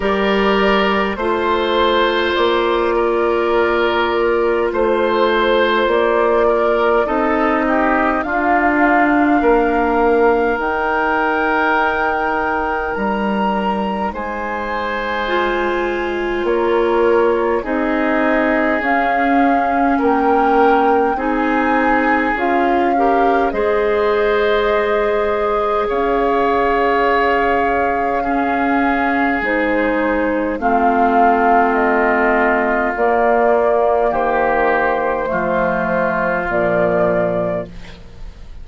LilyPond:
<<
  \new Staff \with { instrumentName = "flute" } { \time 4/4 \tempo 4 = 51 d''4 c''4 d''2 | c''4 d''4 dis''4 f''4~ | f''4 g''2 ais''4 | gis''2 cis''4 dis''4 |
f''4 g''4 gis''4 f''4 | dis''2 f''2~ | f''4 c''4 f''4 dis''4 | d''4 c''2 d''4 | }
  \new Staff \with { instrumentName = "oboe" } { \time 4/4 ais'4 c''4. ais'4. | c''4. ais'8 a'8 g'8 f'4 | ais'1 | c''2 ais'4 gis'4~ |
gis'4 ais'4 gis'4. ais'8 | c''2 cis''2 | gis'2 f'2~ | f'4 g'4 f'2 | }
  \new Staff \with { instrumentName = "clarinet" } { \time 4/4 g'4 f'2.~ | f'2 dis'4 d'4~ | d'4 dis'2.~ | dis'4 f'2 dis'4 |
cis'2 dis'4 f'8 g'8 | gis'1 | cis'4 dis'4 c'2 | ais2 a4 f4 | }
  \new Staff \with { instrumentName = "bassoon" } { \time 4/4 g4 a4 ais2 | a4 ais4 c'4 d'4 | ais4 dis'2 g4 | gis2 ais4 c'4 |
cis'4 ais4 c'4 cis'4 | gis2 cis'2~ | cis'4 gis4 a2 | ais4 dis4 f4 ais,4 | }
>>